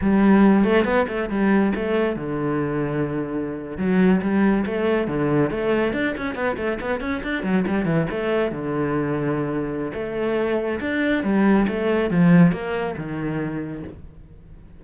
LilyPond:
\new Staff \with { instrumentName = "cello" } { \time 4/4 \tempo 4 = 139 g4. a8 b8 a8 g4 | a4 d2.~ | d8. fis4 g4 a4 d16~ | d8. a4 d'8 cis'8 b8 a8 b16~ |
b16 cis'8 d'8 fis8 g8 e8 a4 d16~ | d2. a4~ | a4 d'4 g4 a4 | f4 ais4 dis2 | }